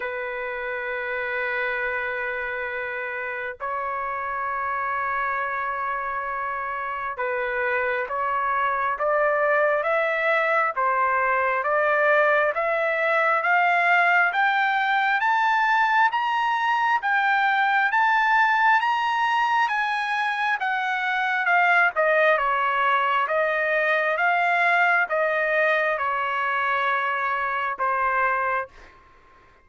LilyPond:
\new Staff \with { instrumentName = "trumpet" } { \time 4/4 \tempo 4 = 67 b'1 | cis''1 | b'4 cis''4 d''4 e''4 | c''4 d''4 e''4 f''4 |
g''4 a''4 ais''4 g''4 | a''4 ais''4 gis''4 fis''4 | f''8 dis''8 cis''4 dis''4 f''4 | dis''4 cis''2 c''4 | }